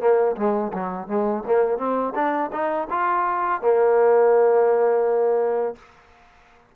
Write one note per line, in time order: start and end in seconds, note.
0.00 0.36 A#3
0.36 0.72 G#3
0.73 1.07 F#3
1.07 1.43 G#3
1.46 1.78 A#3
1.78 2.14 C4
2.15 2.51 D4
2.52 2.88 D#4
2.90 3.61 F4
3.61 5.75 A#3